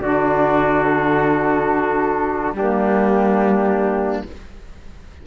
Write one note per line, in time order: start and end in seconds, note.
0.00 2.53 D3
0.00 2.55 D4
0.00 2.56 F#4
0.00 0.84 D5
0.84 2.53 A4
2.53 4.22 G3
2.53 4.26 A#3
2.53 4.27 D4
2.53 4.24 G4